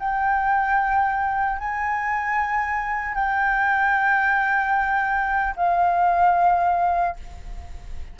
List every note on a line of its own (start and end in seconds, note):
0.00 1.59 G5
1.59 3.15 G#5
3.15 5.55 G5
5.57 7.17 F5